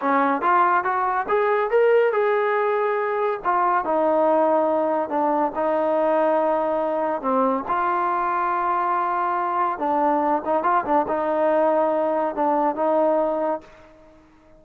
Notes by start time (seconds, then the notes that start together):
0.01 C#4
0.41 F4
0.83 F#4
1.28 G#4
1.70 A#4
2.12 G#4
3.44 F4
3.84 D#4
5.09 D4
5.55 D#4
7.21 C4
7.68 F4
9.78 D4
10.45 D#4
10.63 F4
10.85 D4
11.08 D#4
12.35 D4
12.75 D#4